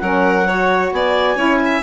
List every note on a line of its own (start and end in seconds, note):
0.00 0.92 F#3
0.00 0.47 C#4
0.00 0.47 A#4
0.00 0.91 F#5
0.47 1.36 F#4
0.47 0.93 C#5
0.92 1.36 B3
0.92 1.37 D5
0.92 1.84 G#5
1.36 1.81 C#4
1.36 1.82 E4
1.36 1.59 C#5
1.65 1.84 E5